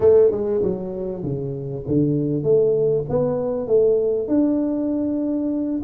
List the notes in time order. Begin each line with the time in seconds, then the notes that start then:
0.00 A3
0.31 G#3
0.62 F#3
1.22 C#3
1.87 D3
2.43 A3
3.09 B3
3.67 A3
4.27 D4